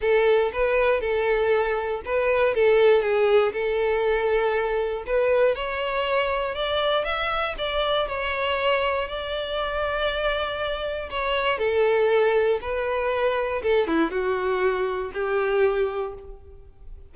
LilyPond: \new Staff \with { instrumentName = "violin" } { \time 4/4 \tempo 4 = 119 a'4 b'4 a'2 | b'4 a'4 gis'4 a'4~ | a'2 b'4 cis''4~ | cis''4 d''4 e''4 d''4 |
cis''2 d''2~ | d''2 cis''4 a'4~ | a'4 b'2 a'8 e'8 | fis'2 g'2 | }